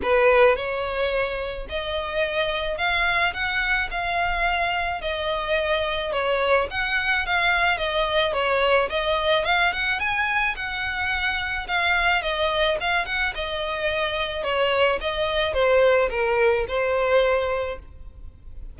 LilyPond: \new Staff \with { instrumentName = "violin" } { \time 4/4 \tempo 4 = 108 b'4 cis''2 dis''4~ | dis''4 f''4 fis''4 f''4~ | f''4 dis''2 cis''4 | fis''4 f''4 dis''4 cis''4 |
dis''4 f''8 fis''8 gis''4 fis''4~ | fis''4 f''4 dis''4 f''8 fis''8 | dis''2 cis''4 dis''4 | c''4 ais'4 c''2 | }